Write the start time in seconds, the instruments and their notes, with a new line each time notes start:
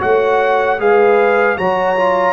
0.00 tuba A3, trombone F#4, horn C#5, trumpet F#5
0.79 tuba G#3, trombone G#4, horn B4, trumpet F5
1.57 tuba F#3, trombone F#4, horn C#5, trumpet A#5
1.96 trombone F4